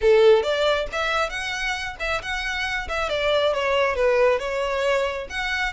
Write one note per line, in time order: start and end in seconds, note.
0.01 0.43 A4
0.43 0.87 D5
0.92 1.29 E5
1.29 1.96 F#5
1.99 2.21 E5
2.22 2.88 F#5
2.88 3.09 E5
3.09 3.53 D5
3.53 3.95 C#5
3.95 4.39 B4
4.39 5.27 C#5
5.29 5.73 F#5